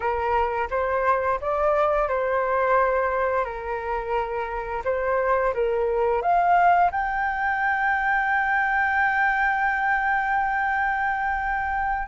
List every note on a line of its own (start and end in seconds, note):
0.00 0.67 A#4
0.70 1.39 C5
1.40 2.08 D5
2.08 3.45 C5
3.45 4.82 A#4
4.84 5.53 C5
5.54 6.22 A#4
6.22 6.91 F5
6.91 12.07 G5